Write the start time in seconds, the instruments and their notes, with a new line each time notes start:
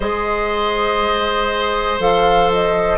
0.00 bassoon G#3, clarinet G#4, oboe C5, flute D#5
1.99 bassoon F3, clarinet A4, flute F5
2.52 flute D#5